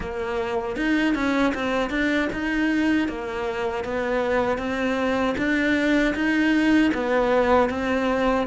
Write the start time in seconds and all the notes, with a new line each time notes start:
0.00 A#3
0.76 D#4
1.14 C#4
1.54 C4
1.90 D4
2.33 D#4
3.08 A#3
3.84 B3
4.58 C4
5.37 D4
6.14 D#4
6.93 B3
7.69 C4